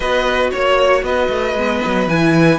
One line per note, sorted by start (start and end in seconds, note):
0.00 0.52 B3
0.00 1.57 F#4
0.00 0.50 B4
0.00 0.50 D#5
0.51 1.02 A#3
0.51 1.03 C#5
0.51 1.04 C#5
1.02 1.28 B3
1.02 2.59 B4
1.02 2.08 D#5
1.29 1.54 A3
1.54 1.80 G#3
1.54 2.09 B3
1.86 2.07 F#3
2.07 2.59 E3
2.07 2.59 E4
2.07 2.59 G#5